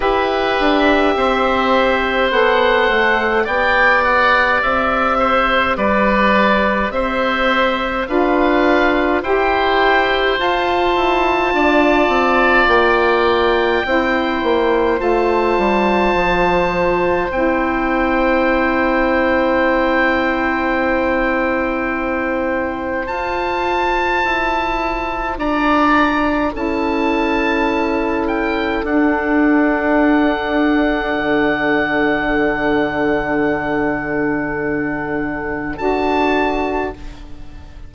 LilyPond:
<<
  \new Staff \with { instrumentName = "oboe" } { \time 4/4 \tempo 4 = 52 e''2 fis''4 g''8 fis''8 | e''4 d''4 e''4 f''4 | g''4 a''2 g''4~ | g''4 a''2 g''4~ |
g''1 | a''2 ais''4 a''4~ | a''8 g''8 fis''2.~ | fis''2. a''4 | }
  \new Staff \with { instrumentName = "oboe" } { \time 4/4 b'4 c''2 d''4~ | d''8 c''8 b'4 c''4 b'4 | c''2 d''2 | c''1~ |
c''1~ | c''2 d''4 a'4~ | a'1~ | a'1 | }
  \new Staff \with { instrumentName = "saxophone" } { \time 4/4 g'2 a'4 g'4~ | g'2. f'4 | g'4 f'2. | e'4 f'2 e'4~ |
e'1 | f'2. e'4~ | e'4 d'2.~ | d'2. fis'4 | }
  \new Staff \with { instrumentName = "bassoon" } { \time 4/4 e'8 d'8 c'4 b8 a8 b4 | c'4 g4 c'4 d'4 | e'4 f'8 e'8 d'8 c'8 ais4 | c'8 ais8 a8 g8 f4 c'4~ |
c'1 | f'4 e'4 d'4 cis'4~ | cis'4 d'2 d4~ | d2. d'4 | }
>>